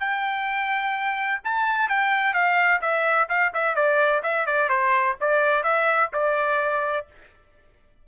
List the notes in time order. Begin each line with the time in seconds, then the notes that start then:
0.00 G5
1.44 A5
1.89 G5
2.34 F5
2.81 E5
3.29 F5
3.54 E5
3.76 D5
4.23 E5
4.46 D5
4.69 C5
5.21 D5
5.64 E5
6.13 D5